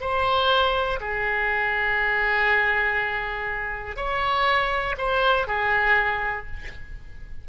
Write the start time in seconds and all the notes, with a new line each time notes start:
0.00 C5
1.00 G#4
3.96 C#5
4.97 C5
5.47 G#4